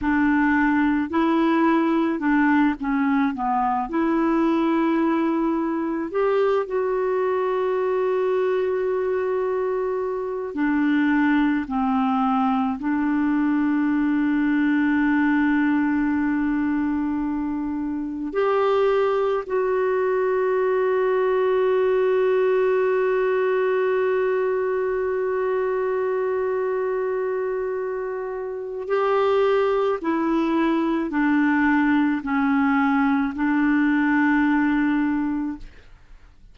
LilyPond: \new Staff \with { instrumentName = "clarinet" } { \time 4/4 \tempo 4 = 54 d'4 e'4 d'8 cis'8 b8 e'8~ | e'4. g'8 fis'2~ | fis'4. d'4 c'4 d'8~ | d'1~ |
d'8 g'4 fis'2~ fis'8~ | fis'1~ | fis'2 g'4 e'4 | d'4 cis'4 d'2 | }